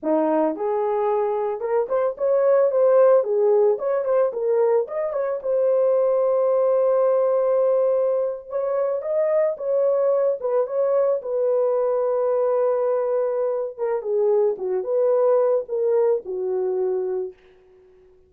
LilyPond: \new Staff \with { instrumentName = "horn" } { \time 4/4 \tempo 4 = 111 dis'4 gis'2 ais'8 c''8 | cis''4 c''4 gis'4 cis''8 c''8 | ais'4 dis''8 cis''8 c''2~ | c''2.~ c''8. cis''16~ |
cis''8. dis''4 cis''4. b'8 cis''16~ | cis''8. b'2.~ b'16~ | b'4. ais'8 gis'4 fis'8 b'8~ | b'4 ais'4 fis'2 | }